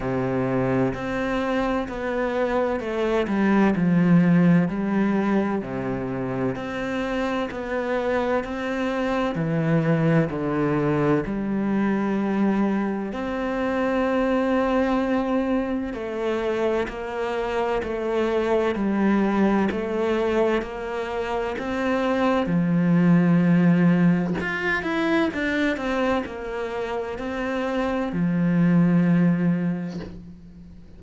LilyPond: \new Staff \with { instrumentName = "cello" } { \time 4/4 \tempo 4 = 64 c4 c'4 b4 a8 g8 | f4 g4 c4 c'4 | b4 c'4 e4 d4 | g2 c'2~ |
c'4 a4 ais4 a4 | g4 a4 ais4 c'4 | f2 f'8 e'8 d'8 c'8 | ais4 c'4 f2 | }